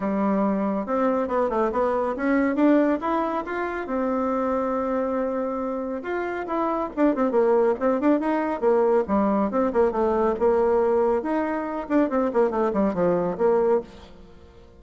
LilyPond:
\new Staff \with { instrumentName = "bassoon" } { \time 4/4 \tempo 4 = 139 g2 c'4 b8 a8 | b4 cis'4 d'4 e'4 | f'4 c'2.~ | c'2 f'4 e'4 |
d'8 c'8 ais4 c'8 d'8 dis'4 | ais4 g4 c'8 ais8 a4 | ais2 dis'4. d'8 | c'8 ais8 a8 g8 f4 ais4 | }